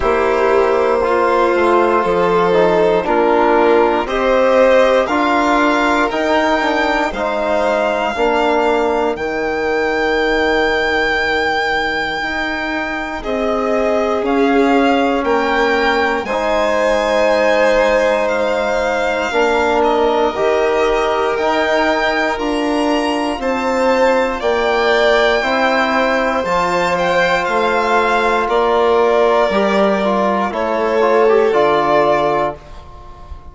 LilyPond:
<<
  \new Staff \with { instrumentName = "violin" } { \time 4/4 \tempo 4 = 59 c''2. ais'4 | dis''4 f''4 g''4 f''4~ | f''4 g''2.~ | g''4 dis''4 f''4 g''4 |
gis''2 f''4. dis''8~ | dis''4 g''4 ais''4 a''4 | g''2 a''8 g''8 f''4 | d''2 cis''4 d''4 | }
  \new Staff \with { instrumentName = "violin" } { \time 4/4 g'4 f'4 a'4 f'4 | c''4 ais'2 c''4 | ais'1~ | ais'4 gis'2 ais'4 |
c''2. ais'4~ | ais'2. c''4 | d''4 c''2. | ais'2 a'2 | }
  \new Staff \with { instrumentName = "trombone" } { \time 4/4 e'4 f'4. dis'8 d'4 | g'4 f'4 dis'8 d'8 dis'4 | d'4 dis'2.~ | dis'2 cis'2 |
dis'2. d'4 | g'4 dis'4 f'2~ | f'4 e'4 f'2~ | f'4 g'8 f'8 e'8 f'16 g'16 f'4 | }
  \new Staff \with { instrumentName = "bassoon" } { \time 4/4 ais4. a8 f4 ais4 | c'4 d'4 dis'4 gis4 | ais4 dis2. | dis'4 c'4 cis'4 ais4 |
gis2. ais4 | dis4 dis'4 d'4 c'4 | ais4 c'4 f4 a4 | ais4 g4 a4 d4 | }
>>